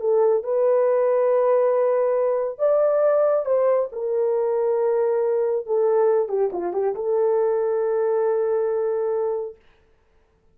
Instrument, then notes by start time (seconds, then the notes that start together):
horn
0.00 A4
0.43 B4
2.58 D5
3.45 C5
3.92 A#4
5.66 A4
6.28 G4
6.52 F4
6.73 G4
6.95 A4